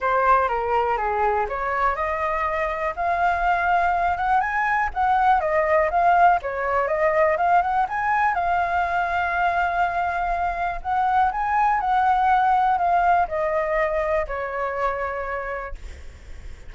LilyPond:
\new Staff \with { instrumentName = "flute" } { \time 4/4 \tempo 4 = 122 c''4 ais'4 gis'4 cis''4 | dis''2 f''2~ | f''8 fis''8 gis''4 fis''4 dis''4 | f''4 cis''4 dis''4 f''8 fis''8 |
gis''4 f''2.~ | f''2 fis''4 gis''4 | fis''2 f''4 dis''4~ | dis''4 cis''2. | }